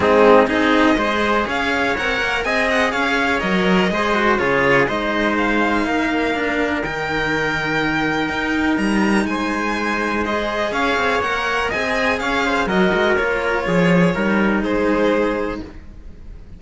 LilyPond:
<<
  \new Staff \with { instrumentName = "violin" } { \time 4/4 \tempo 4 = 123 gis'4 dis''2 f''4 | fis''4 gis''8 fis''8 f''4 dis''4~ | dis''4 cis''4 dis''4 f''4~ | f''2 g''2~ |
g''2 ais''4 gis''4~ | gis''4 dis''4 f''4 fis''4 | gis''4 f''4 dis''4 cis''4~ | cis''2 c''2 | }
  \new Staff \with { instrumentName = "trumpet" } { \time 4/4 dis'4 gis'4 c''4 cis''4~ | cis''4 dis''4 cis''2 | c''4 gis'4 c''2 | ais'1~ |
ais'2. c''4~ | c''2 cis''2 | dis''4 cis''8 c''8 ais'2 | gis'4 ais'4 gis'2 | }
  \new Staff \with { instrumentName = "cello" } { \time 4/4 c'4 dis'4 gis'2 | ais'4 gis'2 ais'4 | gis'8 fis'8 f'4 dis'2~ | dis'4 d'4 dis'2~ |
dis'1~ | dis'4 gis'2 ais'4 | gis'2 fis'4 f'4~ | f'4 dis'2. | }
  \new Staff \with { instrumentName = "cello" } { \time 4/4 gis4 c'4 gis4 cis'4 | c'8 ais8 c'4 cis'4 fis4 | gis4 cis4 gis2 | ais2 dis2~ |
dis4 dis'4 g4 gis4~ | gis2 cis'8 c'8 ais4 | c'4 cis'4 fis8 gis8 ais4 | f4 g4 gis2 | }
>>